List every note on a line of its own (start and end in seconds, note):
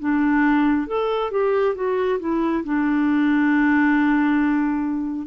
0.00 0.87 D4
0.87 1.32 A4
1.32 1.76 G4
1.76 2.20 F#4
2.20 2.64 E4
2.65 5.27 D4